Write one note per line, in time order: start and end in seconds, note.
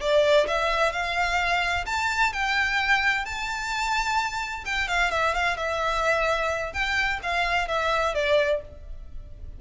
0.00 0.47 D5
0.47 0.92 E5
0.92 1.85 F5
1.86 2.32 A5
2.33 3.25 G5
3.25 4.64 A5
4.65 4.88 G5
4.88 5.11 F5
5.11 5.34 E5
5.34 5.57 F5
5.57 6.73 E5
6.73 7.19 G5
7.23 7.68 F5
7.68 8.14 E5
8.14 8.61 D5